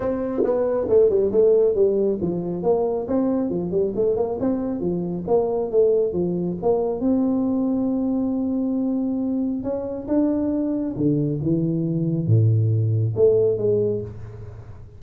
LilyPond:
\new Staff \with { instrumentName = "tuba" } { \time 4/4 \tempo 4 = 137 c'4 b4 a8 g8 a4 | g4 f4 ais4 c'4 | f8 g8 a8 ais8 c'4 f4 | ais4 a4 f4 ais4 |
c'1~ | c'2 cis'4 d'4~ | d'4 d4 e2 | a,2 a4 gis4 | }